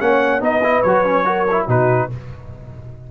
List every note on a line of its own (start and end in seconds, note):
0.00 0.41 A#3
0.00 0.40 C#4
0.00 0.42 C#5
0.00 0.42 F#5
0.40 0.82 B3
0.40 0.61 D#4
0.40 1.25 B4
0.40 0.83 D#5
0.63 0.84 E4
0.83 1.67 F#3
0.83 1.05 F#4
0.83 1.66 C#5
1.05 1.25 C#4
1.25 1.45 F#4
1.25 1.67 A#4
1.51 1.68 E4
1.67 2.09 B2
1.67 2.10 D#4
1.67 2.09 F#4
1.67 2.11 B4